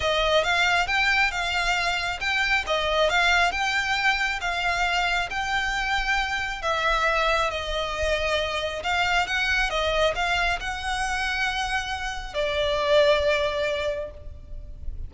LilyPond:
\new Staff \with { instrumentName = "violin" } { \time 4/4 \tempo 4 = 136 dis''4 f''4 g''4 f''4~ | f''4 g''4 dis''4 f''4 | g''2 f''2 | g''2. e''4~ |
e''4 dis''2. | f''4 fis''4 dis''4 f''4 | fis''1 | d''1 | }